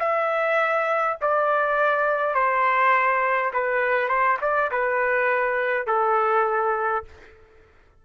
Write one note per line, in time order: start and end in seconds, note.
0.00 1.18 E5
1.21 2.35 D5
2.35 3.52 C5
3.53 4.09 B4
4.09 4.38 C5
4.42 4.71 D5
4.72 5.87 B4
5.87 7.05 A4